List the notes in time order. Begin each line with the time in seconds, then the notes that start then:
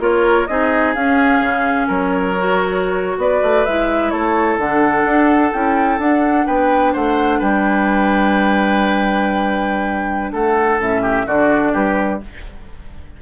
0.00 A#3 F4 A#4 C#5
0.47 C4 D#4 G#4 D#5
0.94 C#4 F5
1.41 C#3
1.88 F#3 A#4 C#5
2.38 F#4
3.18 B3 B4 D5
3.43 A3
3.66 G#3 E4 E5
4.10 A3 A4 C#5
4.58 D3 D4 F#5
5.05 D4
5.52 C#4 E4 G5
5.99 D4 F#5
6.46 B3 B4 G5
6.93 A3 C5 F#5
7.39 G3 B4 G5
10.33 A3 A4 F#5
10.79 A2 C#4 E5
11.02 G4
11.26 D3 D4 F#4 D5
11.73 G3 G4 B4